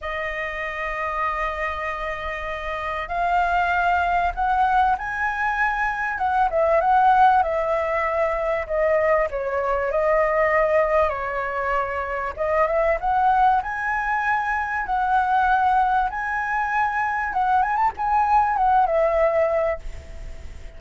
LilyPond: \new Staff \with { instrumentName = "flute" } { \time 4/4 \tempo 4 = 97 dis''1~ | dis''4 f''2 fis''4 | gis''2 fis''8 e''8 fis''4 | e''2 dis''4 cis''4 |
dis''2 cis''2 | dis''8 e''8 fis''4 gis''2 | fis''2 gis''2 | fis''8 gis''16 a''16 gis''4 fis''8 e''4. | }